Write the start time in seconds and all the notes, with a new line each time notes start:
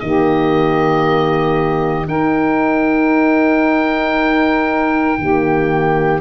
0.00 D#3 A#3 G4 D#5
2.07 D#4 A#4 G5
5.18 D#3 A#3 G4